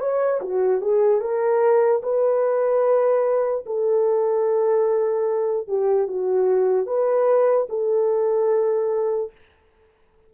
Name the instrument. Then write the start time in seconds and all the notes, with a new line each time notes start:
horn
0.00 C#5
0.41 F#4
0.81 G#4
1.21 A#4
2.03 B4
3.66 A4
5.68 G4
6.07 F#4
6.86 B4
7.69 A4